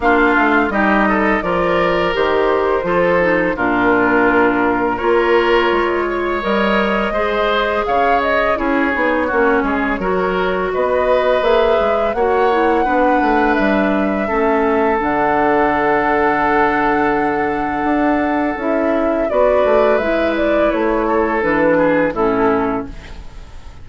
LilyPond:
<<
  \new Staff \with { instrumentName = "flute" } { \time 4/4 \tempo 4 = 84 f''4 dis''4 d''4 c''4~ | c''4 ais'2 cis''4~ | cis''4 dis''2 f''8 dis''8 | cis''2. dis''4 |
e''4 fis''2 e''4~ | e''4 fis''2.~ | fis''2 e''4 d''4 | e''8 d''8 cis''4 b'4 a'4 | }
  \new Staff \with { instrumentName = "oboe" } { \time 4/4 f'4 g'8 a'8 ais'2 | a'4 f'2 ais'4~ | ais'8 cis''4. c''4 cis''4 | gis'4 fis'8 gis'8 ais'4 b'4~ |
b'4 cis''4 b'2 | a'1~ | a'2. b'4~ | b'4. a'4 gis'8 e'4 | }
  \new Staff \with { instrumentName = "clarinet" } { \time 4/4 d'4 dis'4 f'4 g'4 | f'8 dis'8 d'2 f'4~ | f'4 ais'4 gis'2 | e'8 dis'8 cis'4 fis'2 |
gis'4 fis'8 e'8 d'2 | cis'4 d'2.~ | d'2 e'4 fis'4 | e'2 d'4 cis'4 | }
  \new Staff \with { instrumentName = "bassoon" } { \time 4/4 ais8 a8 g4 f4 dis4 | f4 ais,2 ais4 | gis4 g4 gis4 cis4 | cis'8 b8 ais8 gis8 fis4 b4 |
ais8 gis8 ais4 b8 a8 g4 | a4 d2.~ | d4 d'4 cis'4 b8 a8 | gis4 a4 e4 a,4 | }
>>